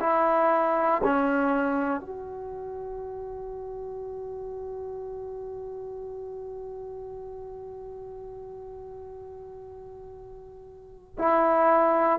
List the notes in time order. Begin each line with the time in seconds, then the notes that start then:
0.00 E4
1.03 C#4
2.00 F#4
11.18 E4